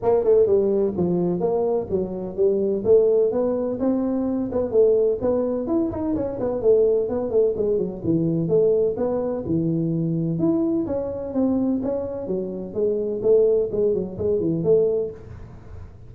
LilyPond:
\new Staff \with { instrumentName = "tuba" } { \time 4/4 \tempo 4 = 127 ais8 a8 g4 f4 ais4 | fis4 g4 a4 b4 | c'4. b8 a4 b4 | e'8 dis'8 cis'8 b8 a4 b8 a8 |
gis8 fis8 e4 a4 b4 | e2 e'4 cis'4 | c'4 cis'4 fis4 gis4 | a4 gis8 fis8 gis8 e8 a4 | }